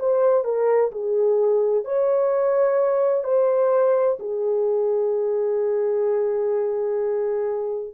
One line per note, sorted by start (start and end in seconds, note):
0.00 0.45 C5
0.45 0.92 A#4
0.92 1.85 G#4
1.85 3.24 C#5
3.24 4.18 C5
4.20 7.95 G#4